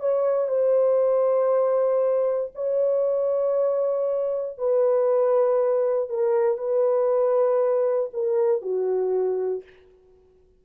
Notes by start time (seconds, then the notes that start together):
0.00 C#5
0.48 C5
2.55 C#5
4.58 B4
6.09 A#4
6.58 B4
8.13 A#4
8.62 F#4